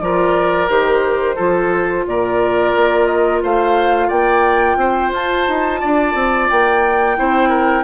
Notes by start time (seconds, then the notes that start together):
0.00 F3 F4 A#4 D5
0.68 D#3 G4 C5
1.36 F3 F4 A4
2.06 A#2 A#4 D5
2.75 A#3
3.06 D#5
3.43 A3 C5 F5
4.08 A#3 D5 G5
4.76 C4 C5
5.13 F4 A5
5.48 D#4
5.80 D4 D5
6.14 C4
6.49 A#3 G5
7.16 C4 E4 C5
7.49 A#4